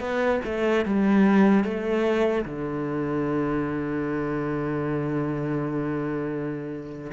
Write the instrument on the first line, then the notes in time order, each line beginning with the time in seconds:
cello
0.00 B3
0.45 A3
0.85 G3
1.64 A3
2.45 D3